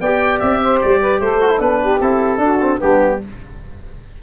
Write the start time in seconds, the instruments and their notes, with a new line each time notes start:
0.00 tuba B3, trombone G4, saxophone D5, oboe G5
0.40 tuba C4, oboe E5
0.62 saxophone C5
0.81 tuba G3, oboe D5
1.00 saxophone B4
1.20 tuba A3, saxophone A4, oboe C5
1.41 trombone F#4
1.49 trombone E4
1.59 tuba B3, trombone D4, oboe B4
1.81 saxophone G4
2.00 tuba C4, trombone E4, oboe A4
2.38 tuba D4, trombone D4, saxophone F#4
2.60 trombone C4
2.79 tuba G3, trombone B3, saxophone D4, oboe G4